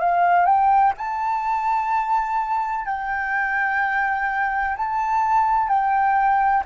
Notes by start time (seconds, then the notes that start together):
0.00 F5
0.46 G5
0.98 A5
2.86 G5
4.77 A5
5.69 G5